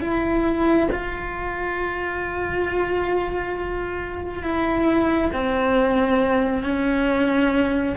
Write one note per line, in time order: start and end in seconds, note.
0.00 0.88 E4
0.91 4.43 F4
4.43 5.31 E4
5.33 6.63 C4
6.63 7.95 C#4